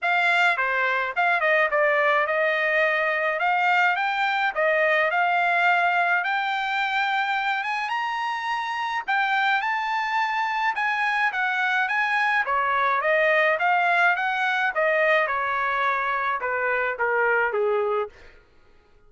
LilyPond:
\new Staff \with { instrumentName = "trumpet" } { \time 4/4 \tempo 4 = 106 f''4 c''4 f''8 dis''8 d''4 | dis''2 f''4 g''4 | dis''4 f''2 g''4~ | g''4. gis''8 ais''2 |
g''4 a''2 gis''4 | fis''4 gis''4 cis''4 dis''4 | f''4 fis''4 dis''4 cis''4~ | cis''4 b'4 ais'4 gis'4 | }